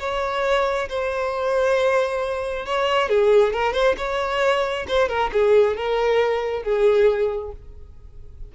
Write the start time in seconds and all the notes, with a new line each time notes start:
0.00 C#5
0.89 C5
2.66 C#5
3.10 G#4
3.54 A#4
3.74 C5
3.98 C#5
4.88 C5
5.09 A#4
5.33 G#4
5.77 A#4
6.63 G#4